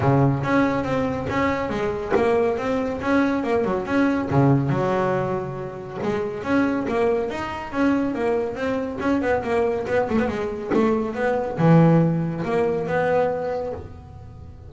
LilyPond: \new Staff \with { instrumentName = "double bass" } { \time 4/4 \tempo 4 = 140 cis4 cis'4 c'4 cis'4 | gis4 ais4 c'4 cis'4 | ais8 fis8 cis'4 cis4 fis4~ | fis2 gis4 cis'4 |
ais4 dis'4 cis'4 ais4 | c'4 cis'8 b8 ais4 b8 a16 b16 | gis4 a4 b4 e4~ | e4 ais4 b2 | }